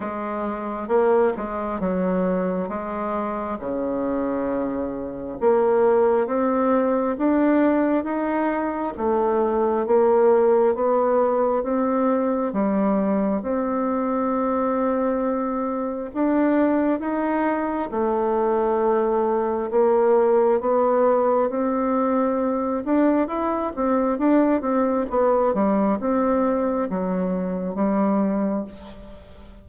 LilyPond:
\new Staff \with { instrumentName = "bassoon" } { \time 4/4 \tempo 4 = 67 gis4 ais8 gis8 fis4 gis4 | cis2 ais4 c'4 | d'4 dis'4 a4 ais4 | b4 c'4 g4 c'4~ |
c'2 d'4 dis'4 | a2 ais4 b4 | c'4. d'8 e'8 c'8 d'8 c'8 | b8 g8 c'4 fis4 g4 | }